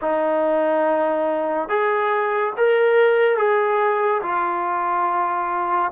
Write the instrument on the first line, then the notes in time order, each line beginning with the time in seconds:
trombone
0.01 D#4
1.68 G#4
2.57 A#4
3.37 G#4
4.22 F4